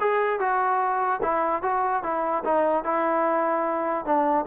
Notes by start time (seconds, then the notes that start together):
0.00 G#4
0.40 F#4
1.23 E4
1.63 F#4
2.03 E4
2.45 D#4
2.84 E4
4.05 D4